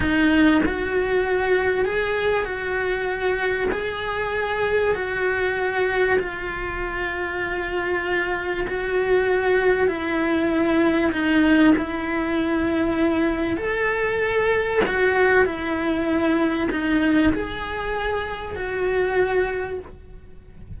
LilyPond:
\new Staff \with { instrumentName = "cello" } { \time 4/4 \tempo 4 = 97 dis'4 fis'2 gis'4 | fis'2 gis'2 | fis'2 f'2~ | f'2 fis'2 |
e'2 dis'4 e'4~ | e'2 a'2 | fis'4 e'2 dis'4 | gis'2 fis'2 | }